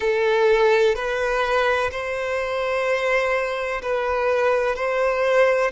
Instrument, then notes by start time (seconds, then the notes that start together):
violin
0.00 A4
0.95 B4
1.91 C5
3.82 B4
4.75 C5